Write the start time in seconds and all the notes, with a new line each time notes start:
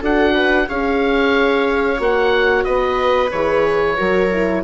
0.00 D4 F#4 A4 F#5
0.34 B4
0.69 C#4 G#4 C#5 F5
1.98 A#3 F#4 F#5
2.64 B3 B4 D#5
3.31 E3 G#4 C#5
3.96 F#3 F#4 A#4
4.32 E4